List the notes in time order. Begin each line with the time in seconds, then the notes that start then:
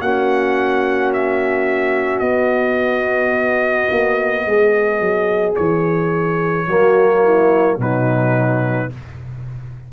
0.00 A#3 C#4 F#4 F#5
1.13 E5
2.19 B3 D#5
3.91 A#3
4.46 G#3 G#4
5.00 F#3
5.56 E3 C#5
6.67 F#3 A#3 F#4
7.24 E4
7.78 B2 F#3 D#4 B4